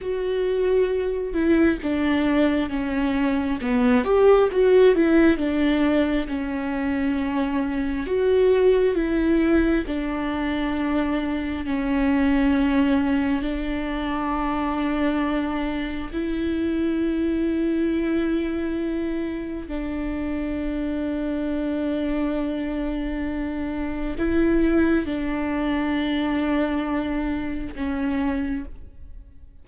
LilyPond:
\new Staff \with { instrumentName = "viola" } { \time 4/4 \tempo 4 = 67 fis'4. e'8 d'4 cis'4 | b8 g'8 fis'8 e'8 d'4 cis'4~ | cis'4 fis'4 e'4 d'4~ | d'4 cis'2 d'4~ |
d'2 e'2~ | e'2 d'2~ | d'2. e'4 | d'2. cis'4 | }